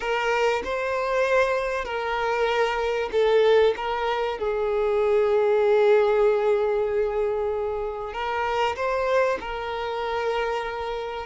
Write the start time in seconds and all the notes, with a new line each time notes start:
0.00 A#4
0.64 C5
1.84 A#4
3.11 A4
3.76 A#4
4.38 G#4
8.13 A#4
8.76 C5
9.40 A#4